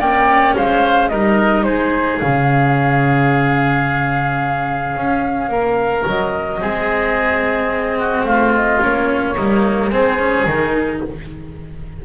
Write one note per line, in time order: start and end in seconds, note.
0.00 0.56 A#3
0.00 1.11 C#4
0.00 0.55 D5
0.00 0.56 G5
0.57 1.11 G#3
0.57 1.11 C5
0.57 1.09 F5
1.09 1.66 G3
1.09 2.23 D#4
1.09 1.66 A#4
1.09 1.64 D#5
1.64 2.21 G#3
1.64 5.51 G#4
1.64 2.19 C5
2.20 4.97 C#3
2.20 6.60 C#4
2.20 6.06 F5
4.97 5.49 C#4
5.49 6.04 A#3
5.49 6.61 A#4
6.07 6.62 F#3
6.07 8.25 D#5
6.60 8.24 G#3
6.60 8.81 C4
6.60 7.99 G#4
7.99 8.27 F#4
8.24 8.79 A3
8.24 9.35 F4
8.24 8.52 F5
8.55 8.82 D#5
8.81 9.38 A#3
8.81 9.36 C#4
8.81 9.93 C#5
9.35 9.90 G3
9.35 9.92 A#3
9.35 9.90 D#4
9.90 10.45 G#3
9.90 10.19 C4
9.90 11.03 G#4
9.90 10.48 C5
10.19 10.47 C#4
10.46 11.01 D#3
10.46 11.05 D#4
10.46 11.03 A#4